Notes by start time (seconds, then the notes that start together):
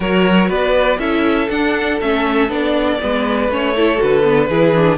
0.00 F#3 F#4 A#4 C#5
0.48 B3 B4 D5
0.98 C#4 E4 A4 E5
1.49 D4 F#5
2.00 A3 C#4 E5
2.48 B3 D4 D5
3.00 G#3 B3 B4
3.48 A3 C#4 C#5
3.75 E4 A4
3.97 D3 F#4 B4
4.23 B3
4.49 E3 E4 G#4
4.74 D4